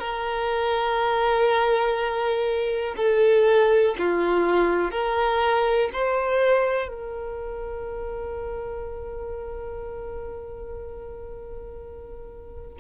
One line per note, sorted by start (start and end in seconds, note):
0.00 2.95 A#4
2.97 3.95 A4
3.99 4.92 F4
4.92 5.90 A#4
5.93 6.88 C5
6.88 12.78 A#4